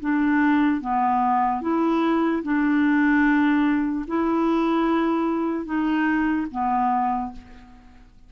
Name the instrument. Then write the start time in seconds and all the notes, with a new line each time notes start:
clarinet
0.00 D4
0.81 B3
1.61 E4
2.43 D4
4.07 E4
5.65 D#4
6.51 B3